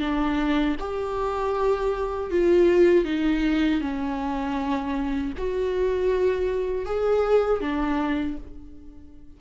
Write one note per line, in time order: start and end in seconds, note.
0.00 0.76 D4
0.79 2.31 G4
2.31 3.04 F4
3.04 3.80 D#4
3.80 5.32 C#4
5.37 6.86 F#4
6.86 7.61 G#4
7.61 8.36 D4